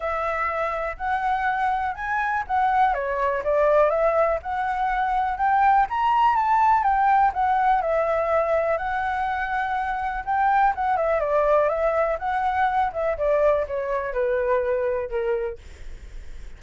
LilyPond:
\new Staff \with { instrumentName = "flute" } { \time 4/4 \tempo 4 = 123 e''2 fis''2 | gis''4 fis''4 cis''4 d''4 | e''4 fis''2 g''4 | ais''4 a''4 g''4 fis''4 |
e''2 fis''2~ | fis''4 g''4 fis''8 e''8 d''4 | e''4 fis''4. e''8 d''4 | cis''4 b'2 ais'4 | }